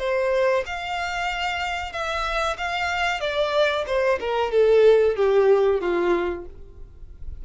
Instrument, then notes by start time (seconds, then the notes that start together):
violin
0.00 C5
0.67 F5
1.93 E5
2.58 F5
3.21 D5
3.87 C5
4.21 A#4
4.52 A4
5.16 G4
5.81 F4